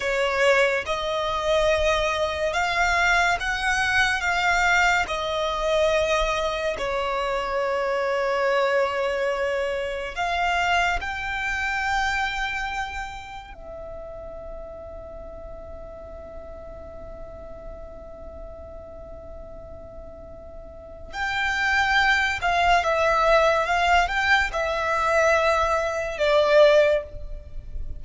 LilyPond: \new Staff \with { instrumentName = "violin" } { \time 4/4 \tempo 4 = 71 cis''4 dis''2 f''4 | fis''4 f''4 dis''2 | cis''1 | f''4 g''2. |
e''1~ | e''1~ | e''4 g''4. f''8 e''4 | f''8 g''8 e''2 d''4 | }